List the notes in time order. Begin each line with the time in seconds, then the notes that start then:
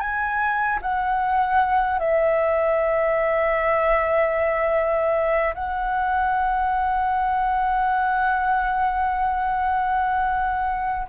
0.00 G#5
0.82 F#5
1.99 E5
5.55 F#5